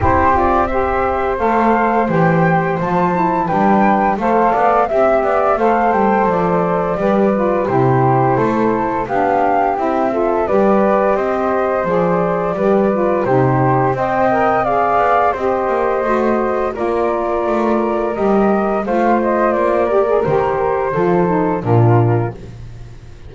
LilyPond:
<<
  \new Staff \with { instrumentName = "flute" } { \time 4/4 \tempo 4 = 86 c''8 d''8 e''4 f''4 g''4 | a''4 g''4 f''4 e''4 | f''8 g''8 d''2 c''4~ | c''4 f''4 e''4 d''4 |
dis''4 d''2 c''4 | g''4 f''4 dis''2 | d''2 dis''4 f''8 dis''8 | d''4 c''2 ais'4 | }
  \new Staff \with { instrumentName = "flute" } { \time 4/4 g'4 c''2.~ | c''4 b'4 c''8 d''8 e''8 d''8 | c''2 b'4 g'4 | a'4 g'4. a'8 b'4 |
c''2 b'4 g'4 | dis''4 d''4 c''2 | ais'2. c''4~ | c''8 ais'4. a'4 f'4 | }
  \new Staff \with { instrumentName = "saxophone" } { \time 4/4 e'8 f'8 g'4 a'4 g'4 | f'8 e'8 d'4 a'4 g'4 | a'2 g'8 f'8 e'4~ | e'4 d'4 e'8 f'8 g'4~ |
g'4 gis'4 g'8 f'8 dis'4 | c''8 ais'8 gis'4 g'4 fis'4 | f'2 g'4 f'4~ | f'8 g'16 gis'16 g'4 f'8 dis'8 d'4 | }
  \new Staff \with { instrumentName = "double bass" } { \time 4/4 c'2 a4 e4 | f4 g4 a8 b8 c'8 b8 | a8 g8 f4 g4 c4 | a4 b4 c'4 g4 |
c'4 f4 g4 c4 | c'4. b8 c'8 ais8 a4 | ais4 a4 g4 a4 | ais4 dis4 f4 ais,4 | }
>>